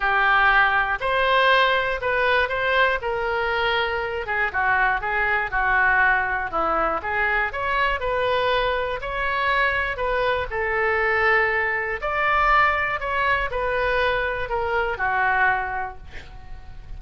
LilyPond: \new Staff \with { instrumentName = "oboe" } { \time 4/4 \tempo 4 = 120 g'2 c''2 | b'4 c''4 ais'2~ | ais'8 gis'8 fis'4 gis'4 fis'4~ | fis'4 e'4 gis'4 cis''4 |
b'2 cis''2 | b'4 a'2. | d''2 cis''4 b'4~ | b'4 ais'4 fis'2 | }